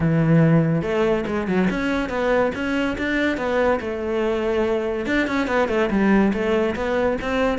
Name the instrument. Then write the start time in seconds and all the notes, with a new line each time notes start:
cello
0.00 E3
0.82 A3
1.26 G#3
1.47 F#3
1.69 C#4
2.09 B3
2.54 C#4
2.98 D4
3.37 B3
3.80 A3
5.06 D4
5.27 C#4
5.47 B3
5.68 A3
5.90 G3
6.33 A3
6.75 B3
7.21 C4